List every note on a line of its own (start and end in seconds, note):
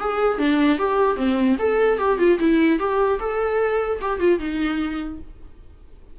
0.00 0.39 G#4
0.39 0.79 D4
0.79 1.17 G4
1.17 1.57 C4
1.59 1.99 A4
1.99 2.19 G4
2.19 2.39 F4
2.39 2.79 E4
2.79 3.19 G4
3.20 4.00 A4
4.01 4.20 G4
4.20 4.40 F4
4.40 5.20 D#4